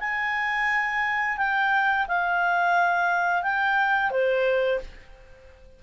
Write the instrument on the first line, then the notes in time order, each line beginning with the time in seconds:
clarinet
0.00 G#5
1.38 G5
2.08 F5
3.43 G5
4.11 C5